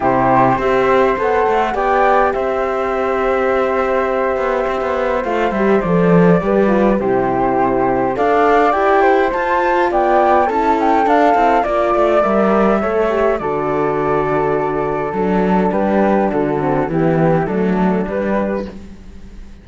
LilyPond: <<
  \new Staff \with { instrumentName = "flute" } { \time 4/4 \tempo 4 = 103 c''4 e''4 fis''4 g''4 | e''1~ | e''4 f''8 e''8 d''2 | c''2 f''4 g''4 |
a''4 g''4 a''8 g''8 f''4 | d''4 e''2 d''4~ | d''2 a'4 b'4 | a'4 g'4 a'4 b'4 | }
  \new Staff \with { instrumentName = "flute" } { \time 4/4 g'4 c''2 d''4 | c''1~ | c''2. b'4 | g'2 d''4. c''8~ |
c''4 d''4 a'2 | d''2 cis''4 a'4~ | a'2. g'4 | fis'4 e'4 d'2 | }
  \new Staff \with { instrumentName = "horn" } { \time 4/4 e'4 g'4 a'4 g'4~ | g'1~ | g'4 f'8 g'8 a'4 g'8 f'8 | e'2 a'4 g'4 |
f'2 e'4 d'8 e'8 | f'4 ais'4 a'8 g'8 fis'4~ | fis'2 d'2~ | d'8 c'8 b4 a4 g4 | }
  \new Staff \with { instrumentName = "cello" } { \time 4/4 c4 c'4 b8 a8 b4 | c'2.~ c'8 b8 | c'16 b8. a8 g8 f4 g4 | c2 d'4 e'4 |
f'4 b4 cis'4 d'8 c'8 | ais8 a8 g4 a4 d4~ | d2 fis4 g4 | d4 e4 fis4 g4 | }
>>